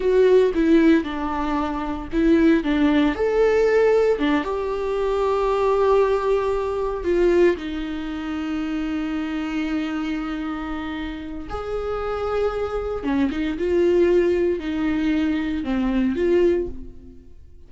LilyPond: \new Staff \with { instrumentName = "viola" } { \time 4/4 \tempo 4 = 115 fis'4 e'4 d'2 | e'4 d'4 a'2 | d'8 g'2.~ g'8~ | g'4. f'4 dis'4.~ |
dis'1~ | dis'2 gis'2~ | gis'4 cis'8 dis'8 f'2 | dis'2 c'4 f'4 | }